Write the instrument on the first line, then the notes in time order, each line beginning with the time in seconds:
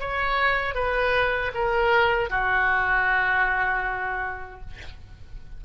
oboe
0.00 C#5
0.75 B4
1.55 A#4
2.30 F#4